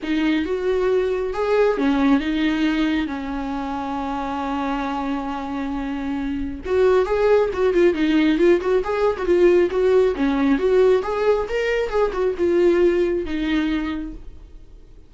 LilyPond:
\new Staff \with { instrumentName = "viola" } { \time 4/4 \tempo 4 = 136 dis'4 fis'2 gis'4 | cis'4 dis'2 cis'4~ | cis'1~ | cis'2. fis'4 |
gis'4 fis'8 f'8 dis'4 f'8 fis'8 | gis'8. fis'16 f'4 fis'4 cis'4 | fis'4 gis'4 ais'4 gis'8 fis'8 | f'2 dis'2 | }